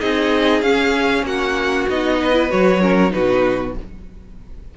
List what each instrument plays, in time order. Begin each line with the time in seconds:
0.00 cello C4, viola D#4, violin G#4 D#5
0.62 cello C#4, viola C#4, violin F5
1.23 cello A#3, violin F#4 F#5
1.89 cello B3, viola D#4, violin D#5
2.20 violin B4
2.33 viola E4
2.50 cello F#3, viola F#4, violin C#5
2.81 viola C#4, violin A#4
3.09 cello B2, viola D#4, violin F#4 B4